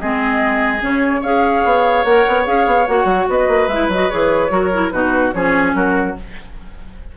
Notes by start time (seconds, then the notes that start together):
0.00 G#3 C4 G#4 D#5
0.80 C#3 C#4 C#5
1.21 C#4 G#4 C#5 F5
1.65 B3
2.04 A#3 A#4 F#5
2.27 B3
2.45 C#4 G#4 F5
2.67 B3
2.87 A#3 F#4 F#5
3.05 F#3
3.29 B3 B4 D#5
3.48 A#3
3.68 G#3 E4 E5
3.89 F#3 F#4 D#5
4.10 E3 G#4 C#5
4.49 F#3 F#4 A#4
4.74 E4
4.91 B2 D#4 F#4 B4
5.32 F3 C#4 G#4 C#5
5.75 F#3 F#4 A#4